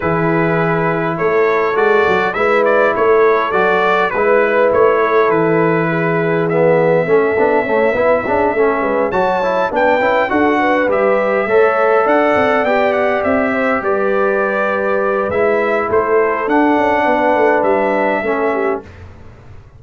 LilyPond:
<<
  \new Staff \with { instrumentName = "trumpet" } { \time 4/4 \tempo 4 = 102 b'2 cis''4 d''4 | e''8 d''8 cis''4 d''4 b'4 | cis''4 b'2 e''4~ | e''2.~ e''8 a''8~ |
a''8 g''4 fis''4 e''4.~ | e''8 fis''4 g''8 fis''8 e''4 d''8~ | d''2 e''4 c''4 | fis''2 e''2 | }
  \new Staff \with { instrumentName = "horn" } { \time 4/4 gis'2 a'2 | b'4 a'2 b'4~ | b'8 a'4. gis'2 | a'4 cis''8 b'8 gis'8 a'8 b'8 cis''8~ |
cis''8 b'4 a'8 b'4. cis''8~ | cis''8 d''2~ d''8 c''8 b'8~ | b'2. a'4~ | a'4 b'2 a'8 g'8 | }
  \new Staff \with { instrumentName = "trombone" } { \time 4/4 e'2. fis'4 | e'2 fis'4 e'4~ | e'2. b4 | cis'8 d'8 a8 e'8 d'8 cis'4 fis'8 |
e'8 d'8 e'8 fis'4 g'4 a'8~ | a'4. g'2~ g'8~ | g'2 e'2 | d'2. cis'4 | }
  \new Staff \with { instrumentName = "tuba" } { \time 4/4 e2 a4 gis8 fis8 | gis4 a4 fis4 gis4 | a4 e2. | a8 b8 cis'8 b8 cis'8 a8 gis8 fis8~ |
fis8 b8 cis'8 d'4 g4 a8~ | a8 d'8 c'8 b4 c'4 g8~ | g2 gis4 a4 | d'8 cis'8 b8 a8 g4 a4 | }
>>